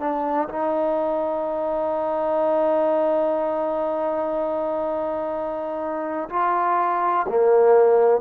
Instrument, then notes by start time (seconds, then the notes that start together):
trombone
0.00 D4
0.49 D#4
6.29 F4
7.29 A#3